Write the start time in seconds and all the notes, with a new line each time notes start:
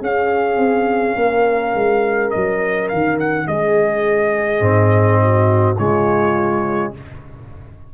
0.00 C#4 G#4 F5
0.56 C4
1.15 A#3 A#4
1.74 G#3
2.30 F#3 D#5
2.88 D#3 F5
3.19 F#5
3.47 G#3 G#4 D#5
4.60 G#2 C4
5.21 F#4
5.77 C#3 G#3 F4 C#5